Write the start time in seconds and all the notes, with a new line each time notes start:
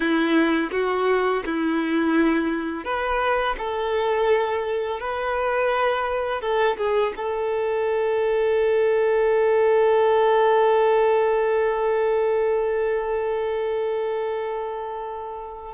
0.00 E4
0.71 F#4
1.45 E4
2.84 B4
3.58 A4
5.00 B4
6.41 A4
6.77 G#4
7.16 A4